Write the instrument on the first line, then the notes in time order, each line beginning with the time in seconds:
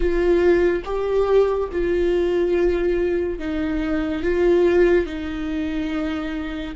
viola
0.00 F4
0.85 G4
1.72 F4
3.38 D#4
4.23 F4
5.06 D#4